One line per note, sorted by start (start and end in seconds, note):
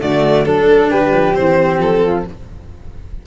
0.00 0.46 D3
0.00 0.46 A3
0.00 0.45 F#4
0.00 0.46 D5
0.46 0.92 F#3
0.46 1.34 D4
0.46 0.91 A4
0.91 1.13 G3
0.91 2.04 G4
0.91 1.35 B4
1.13 1.36 F3
1.34 1.79 E3
1.34 2.24 C4
1.34 1.80 C5
1.79 2.24 F3
1.79 2.27 A4
2.04 2.26 F4